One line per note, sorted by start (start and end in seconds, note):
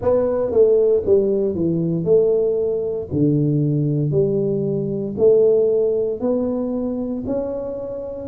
0.01 0.51 B3
0.51 1.03 A3
1.05 1.55 G3
1.55 2.04 E3
2.04 3.08 A3
3.12 4.11 D3
4.11 5.14 G3
5.17 6.20 A3
6.20 7.24 B3
7.26 8.28 C#4